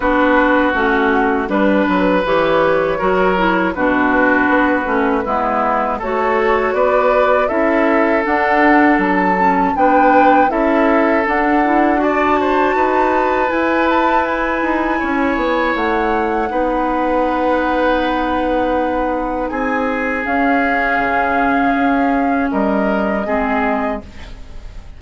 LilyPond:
<<
  \new Staff \with { instrumentName = "flute" } { \time 4/4 \tempo 4 = 80 b'4 fis'4 b'4 cis''4~ | cis''4 b'2. | cis''4 d''4 e''4 fis''4 | a''4 g''4 e''4 fis''4 |
a''2 gis''8 a''8 gis''4~ | gis''4 fis''2.~ | fis''2 gis''4 f''4~ | f''2 dis''2 | }
  \new Staff \with { instrumentName = "oboe" } { \time 4/4 fis'2 b'2 | ais'4 fis'2 e'4 | a'4 b'4 a'2~ | a'4 b'4 a'2 |
d''8 c''8 b'2. | cis''2 b'2~ | b'2 gis'2~ | gis'2 ais'4 gis'4 | }
  \new Staff \with { instrumentName = "clarinet" } { \time 4/4 d'4 cis'4 d'4 g'4 | fis'8 e'8 d'4. cis'8 b4 | fis'2 e'4 d'4~ | d'8 cis'8 d'4 e'4 d'8 e'8 |
fis'2 e'2~ | e'2 dis'2~ | dis'2. cis'4~ | cis'2. c'4 | }
  \new Staff \with { instrumentName = "bassoon" } { \time 4/4 b4 a4 g8 fis8 e4 | fis4 b,4 b8 a8 gis4 | a4 b4 cis'4 d'4 | fis4 b4 cis'4 d'4~ |
d'4 dis'4 e'4. dis'8 | cis'8 b8 a4 b2~ | b2 c'4 cis'4 | cis4 cis'4 g4 gis4 | }
>>